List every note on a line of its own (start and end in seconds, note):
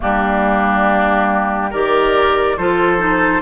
0.00 1.73 G3
0.00 1.71 A#3
0.00 1.70 D4
0.00 1.73 G4
1.70 2.58 D#3
1.70 2.58 G4
1.70 2.56 A#4
1.70 2.57 D5
2.57 3.41 F3
2.57 2.97 F4
2.57 3.41 A4
2.57 3.41 C5
2.97 3.40 D#4